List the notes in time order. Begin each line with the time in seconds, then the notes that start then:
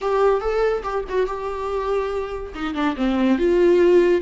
0.01 G4
0.40 A4
0.83 G4
1.08 F#4
1.26 G4
2.54 D#4
2.74 D4
2.96 C4
3.38 F4